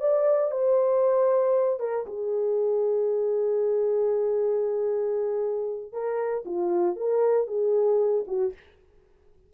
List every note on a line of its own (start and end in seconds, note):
0.00 0.51 D5
0.51 1.79 C5
1.79 2.05 A#4
2.06 5.92 G#4
5.92 6.44 A#4
6.45 6.96 F4
6.96 7.47 A#4
7.47 8.25 G#4
8.27 8.53 F#4